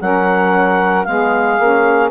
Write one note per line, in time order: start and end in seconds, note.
0.00 1.06 F#3
0.00 1.05 C#4
0.00 1.07 A#4
0.00 1.04 F#5
1.04 1.59 G#3
1.04 1.58 B3
1.04 2.11 G#4
1.04 2.10 F5
1.59 2.11 A#3
1.59 2.11 C#4